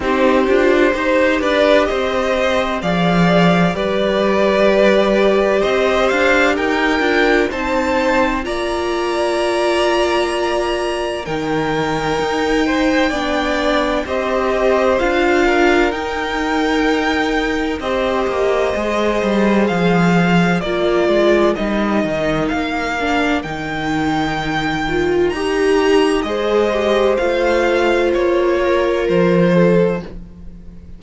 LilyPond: <<
  \new Staff \with { instrumentName = "violin" } { \time 4/4 \tempo 4 = 64 c''4. d''8 dis''4 f''4 | d''2 dis''8 f''8 g''4 | a''4 ais''2. | g''2. dis''4 |
f''4 g''2 dis''4~ | dis''4 f''4 d''4 dis''4 | f''4 g''2 ais''4 | dis''4 f''4 cis''4 c''4 | }
  \new Staff \with { instrumentName = "violin" } { \time 4/4 g'4 c''8 b'8 c''4 d''4 | b'2 c''4 ais'4 | c''4 d''2. | ais'4. c''8 d''4 c''4~ |
c''8 ais'2~ ais'8 c''4~ | c''2 ais'2~ | ais'1 | c''2~ c''8 ais'4 a'8 | }
  \new Staff \with { instrumentName = "viola" } { \time 4/4 dis'8 f'8 g'2 gis'4 | g'2.~ g'8 f'8 | dis'4 f'2. | dis'2 d'4 g'4 |
f'4 dis'2 g'4 | gis'2 f'4 dis'4~ | dis'8 d'8 dis'4. f'8 g'4 | gis'8 g'8 f'2. | }
  \new Staff \with { instrumentName = "cello" } { \time 4/4 c'8 d'8 dis'8 d'8 c'4 f4 | g2 c'8 d'8 dis'8 d'8 | c'4 ais2. | dis4 dis'4 b4 c'4 |
d'4 dis'2 c'8 ais8 | gis8 g8 f4 ais8 gis8 g8 dis8 | ais4 dis2 dis'4 | gis4 a4 ais4 f4 | }
>>